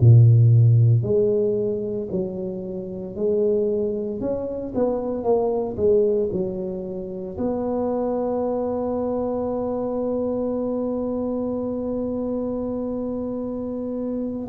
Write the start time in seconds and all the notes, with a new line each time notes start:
0.00 A#2
1.02 G#3
2.11 F#3
3.15 G#3
4.20 C#4
4.75 B3
5.23 A#3
5.77 G#3
6.32 F#3
7.37 B3